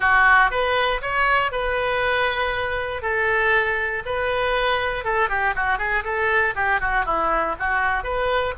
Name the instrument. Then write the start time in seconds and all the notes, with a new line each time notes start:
oboe
0.00 F#4
0.50 B4
1.01 C#5
1.51 B4
3.02 A4
4.05 B4
5.04 A4
5.29 G4
5.55 F#4
5.78 G#4
6.04 A4
6.55 G4
6.80 F#4
7.05 E4
7.59 F#4
8.03 B4